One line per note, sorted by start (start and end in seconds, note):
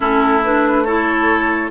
0.00 1.71 A3
0.00 0.42 C#4
0.00 0.83 E4
0.00 0.43 A4
0.44 0.86 D4
0.44 0.84 B4
0.84 1.71 E4
0.84 1.70 A4
0.84 1.70 C#5